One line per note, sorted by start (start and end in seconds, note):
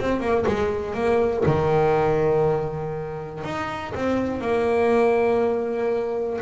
0.00 0.21 C4
0.21 0.46 A#3
0.47 0.94 G#3
0.94 1.44 A#3
1.46 3.44 D#3
3.44 3.94 D#4
3.95 4.41 C4
4.41 6.40 A#3